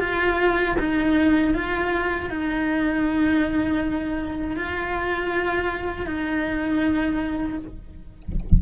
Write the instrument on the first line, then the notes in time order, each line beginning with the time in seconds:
cello
0.00 F4
0.79 D#4
1.54 F4
2.30 D#4
4.56 F4
6.06 D#4